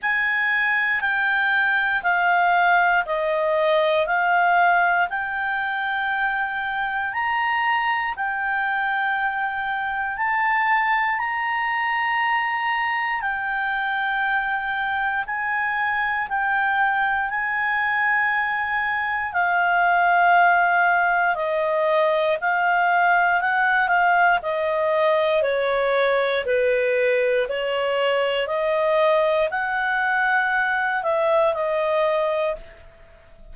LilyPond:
\new Staff \with { instrumentName = "clarinet" } { \time 4/4 \tempo 4 = 59 gis''4 g''4 f''4 dis''4 | f''4 g''2 ais''4 | g''2 a''4 ais''4~ | ais''4 g''2 gis''4 |
g''4 gis''2 f''4~ | f''4 dis''4 f''4 fis''8 f''8 | dis''4 cis''4 b'4 cis''4 | dis''4 fis''4. e''8 dis''4 | }